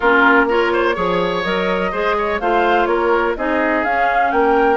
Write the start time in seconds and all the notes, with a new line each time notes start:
0.00 A#3 C#4 F4 A#4
0.48 F4 A#4 C#5
0.72 C5
0.95 F3 G#4 C#5
1.43 F#3 A#4 D#5
1.91 G#3 G#4 C5
2.18 C#5
2.39 A3 F4 C5 F5
2.85 A#3 A#4 C#5
3.36 C4 D#4 G#4 D#5
3.84 C#4 F5
4.31 A#3 A#4 G5